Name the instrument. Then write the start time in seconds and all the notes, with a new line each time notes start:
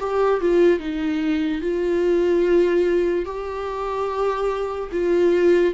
viola
0.00 G4
0.41 F4
0.80 D#4
1.61 F4
3.25 G4
4.92 F4